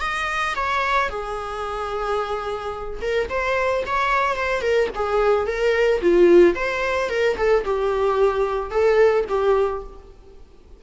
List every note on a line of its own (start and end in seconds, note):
0.00 0.55 D#5
0.55 1.09 C#5
1.09 3.00 G#4
3.01 3.29 A#4
3.29 3.84 C5
3.86 4.36 C#5
4.36 4.61 C5
4.61 4.88 A#4
4.95 5.46 G#4
5.46 6.01 A#4
6.01 6.55 F4
6.55 7.09 C5
7.09 7.36 A#4
7.37 7.64 A4
7.64 8.70 G4
8.70 9.25 A4
9.28 9.83 G4